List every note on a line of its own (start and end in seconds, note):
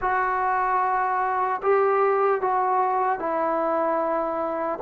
0.01 1.61 F#4
1.62 2.41 G4
2.41 3.19 F#4
3.19 4.79 E4